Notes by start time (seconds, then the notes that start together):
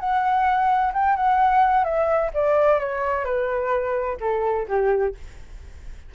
0.00 F#5
0.94 G5
1.17 F#5
1.85 E5
2.34 D5
2.80 C#5
3.25 B4
4.21 A4
4.69 G4